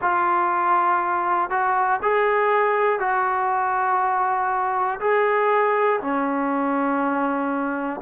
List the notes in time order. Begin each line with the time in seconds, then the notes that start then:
0.01 F4
1.50 F#4
2.02 G#4
3.00 F#4
5.00 G#4
6.00 C#4